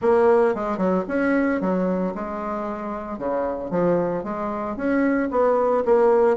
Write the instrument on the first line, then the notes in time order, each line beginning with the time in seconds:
bassoon
0.01 A#3
0.54 G#3
0.77 F#3
1.08 C#4
1.60 F#3
2.14 G#3
3.18 C#3
3.70 F3
4.23 G#3
4.76 C#4
5.30 B3
5.85 A#3